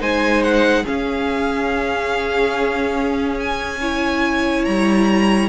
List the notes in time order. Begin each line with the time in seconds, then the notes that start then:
0.00 G#3 D#4 C5 G#5
0.43 F#5
0.83 C#4 G#4 F5
3.39 G#5
3.81 E4 C#5
4.65 G3 A#5